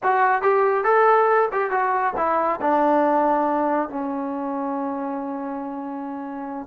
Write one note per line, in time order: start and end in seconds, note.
0.03 0.42 F#4
0.42 0.84 G4
0.84 1.49 A4
1.52 1.70 G4
1.70 2.13 F#4
2.16 2.59 E4
2.61 3.89 D4
3.89 6.67 C#4